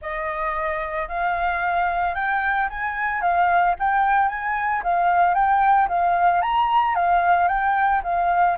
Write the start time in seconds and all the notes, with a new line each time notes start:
0.01 D#5
1.08 F5
2.14 G5
2.69 G#5
3.21 F5
3.79 G5
4.28 G#5
4.83 F5
5.34 G5
5.88 F5
6.41 A#5
6.95 F5
7.48 G5
8.03 F5